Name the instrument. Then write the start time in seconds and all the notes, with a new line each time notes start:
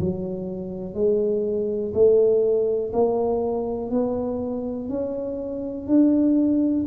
tuba
0.00 F#3
0.94 G#3
1.94 A3
2.93 A#3
3.91 B3
4.90 C#4
5.87 D4